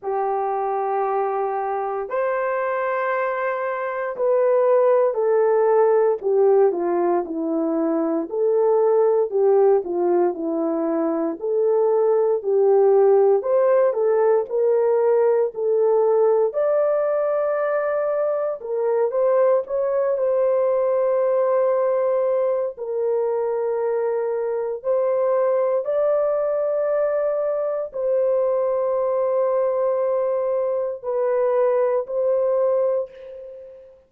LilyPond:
\new Staff \with { instrumentName = "horn" } { \time 4/4 \tempo 4 = 58 g'2 c''2 | b'4 a'4 g'8 f'8 e'4 | a'4 g'8 f'8 e'4 a'4 | g'4 c''8 a'8 ais'4 a'4 |
d''2 ais'8 c''8 cis''8 c''8~ | c''2 ais'2 | c''4 d''2 c''4~ | c''2 b'4 c''4 | }